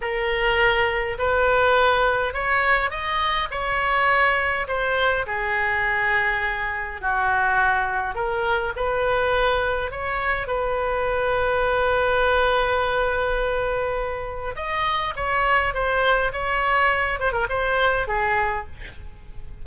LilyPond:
\new Staff \with { instrumentName = "oboe" } { \time 4/4 \tempo 4 = 103 ais'2 b'2 | cis''4 dis''4 cis''2 | c''4 gis'2. | fis'2 ais'4 b'4~ |
b'4 cis''4 b'2~ | b'1~ | b'4 dis''4 cis''4 c''4 | cis''4. c''16 ais'16 c''4 gis'4 | }